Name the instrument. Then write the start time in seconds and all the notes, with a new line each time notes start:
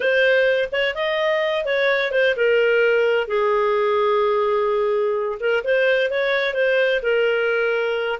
clarinet
0.00 C5
0.72 C#5
0.95 D#5
1.65 C#5
2.11 C5
2.36 A#4
3.27 G#4
5.39 A#4
5.64 C5
6.10 C#5
6.54 C5
7.02 A#4